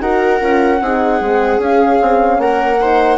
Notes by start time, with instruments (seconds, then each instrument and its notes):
0.00 bassoon D#4, horn F#4, viola A#4, flute F#5
0.39 bassoon C#4, horn F4
0.81 bassoon C4, horn D#4, viola G#4
1.20 bassoon G#3, horn C4
1.58 bassoon C#4, flute F5
1.64 horn C#4
2.01 bassoon C4
2.38 bassoon A#3, viola A#4, flute F#5
2.80 horn D#4, viola C5